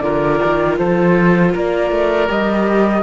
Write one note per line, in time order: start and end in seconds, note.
0.00 0.40 D3
0.00 2.27 F4
0.00 0.79 A#4
0.00 0.76 D5
0.45 0.79 D#3
0.79 1.55 F3
0.79 1.53 A4
0.79 1.55 C5
1.53 1.91 A#3
1.53 3.03 A#4
1.53 2.31 D5
1.91 2.29 A3
2.27 3.03 G3
2.27 3.03 G4
2.27 3.03 D#5